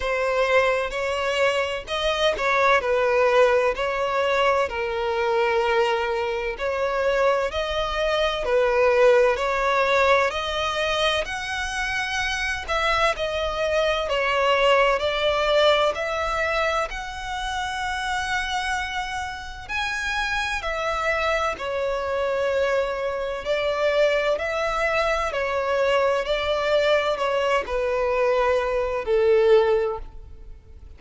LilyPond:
\new Staff \with { instrumentName = "violin" } { \time 4/4 \tempo 4 = 64 c''4 cis''4 dis''8 cis''8 b'4 | cis''4 ais'2 cis''4 | dis''4 b'4 cis''4 dis''4 | fis''4. e''8 dis''4 cis''4 |
d''4 e''4 fis''2~ | fis''4 gis''4 e''4 cis''4~ | cis''4 d''4 e''4 cis''4 | d''4 cis''8 b'4. a'4 | }